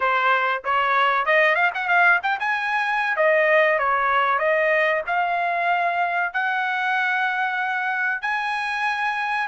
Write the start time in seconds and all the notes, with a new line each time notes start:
0.00 C5
0.64 C#5
1.25 D#5
1.55 F5
1.74 F#5
1.88 F5
2.22 G5
2.39 G#5
3.16 D#5
3.78 C#5
4.39 D#5
5.06 F5
6.33 F#5
8.21 G#5